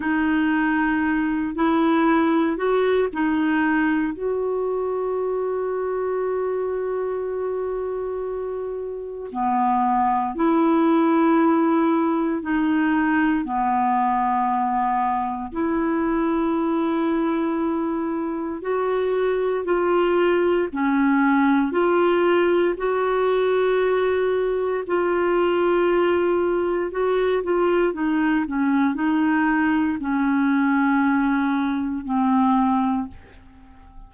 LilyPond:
\new Staff \with { instrumentName = "clarinet" } { \time 4/4 \tempo 4 = 58 dis'4. e'4 fis'8 dis'4 | fis'1~ | fis'4 b4 e'2 | dis'4 b2 e'4~ |
e'2 fis'4 f'4 | cis'4 f'4 fis'2 | f'2 fis'8 f'8 dis'8 cis'8 | dis'4 cis'2 c'4 | }